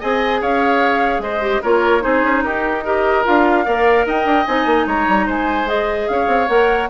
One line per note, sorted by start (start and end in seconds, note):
0.00 0.41 C4
0.00 1.41 G#4
0.00 0.41 D#5
0.00 0.42 G#5
0.41 1.19 C#4
0.41 1.22 C#5
0.41 1.22 F5
1.19 1.59 G#3
1.19 1.62 C5
1.19 1.62 D#5
1.41 1.62 G4
1.62 2.05 A#3
1.62 2.01 F4
1.62 2.03 A#4
1.62 2.02 C#5
2.01 2.24 C4
2.01 2.82 D#4
2.01 2.44 G#4
2.01 2.42 C5
2.24 2.44 C#4
2.42 3.25 D#4
2.42 2.84 G4
2.42 2.83 A#4
2.84 3.24 G4
2.84 3.65 A#4
2.84 3.25 D#5
3.24 3.67 D4
3.24 3.65 F4
3.24 4.07 F5
3.65 4.06 A#3
3.65 4.46 A#4
3.65 4.06 D5
4.06 4.25 D#4
4.06 4.87 D#5
4.06 4.46 G5
4.25 4.45 D4
4.46 4.66 C4
4.46 5.66 D#4
4.46 4.87 G#5
4.66 4.86 A#3
4.86 5.07 G#3
4.86 5.26 C#5
4.86 5.28 A#5
5.08 5.28 G3
5.26 6.09 G#3
5.26 6.07 C5
5.26 5.69 G#5
5.66 6.47 G#4
5.66 6.08 D#5
6.08 6.28 C#4
6.08 6.90 C#5
6.08 6.48 F5
6.28 6.48 C4
6.48 6.89 A#3
6.48 6.89 A#4
6.48 6.89 F#5